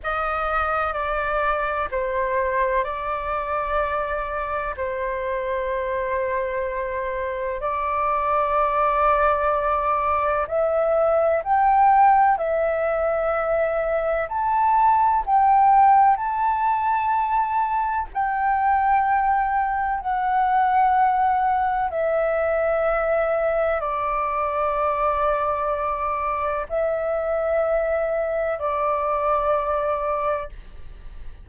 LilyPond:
\new Staff \with { instrumentName = "flute" } { \time 4/4 \tempo 4 = 63 dis''4 d''4 c''4 d''4~ | d''4 c''2. | d''2. e''4 | g''4 e''2 a''4 |
g''4 a''2 g''4~ | g''4 fis''2 e''4~ | e''4 d''2. | e''2 d''2 | }